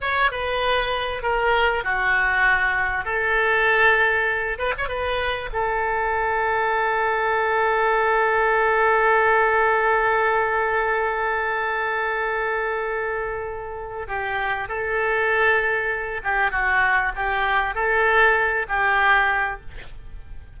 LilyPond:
\new Staff \with { instrumentName = "oboe" } { \time 4/4 \tempo 4 = 98 cis''8 b'4. ais'4 fis'4~ | fis'4 a'2~ a'8 b'16 cis''16 | b'4 a'2.~ | a'1~ |
a'1~ | a'2. g'4 | a'2~ a'8 g'8 fis'4 | g'4 a'4. g'4. | }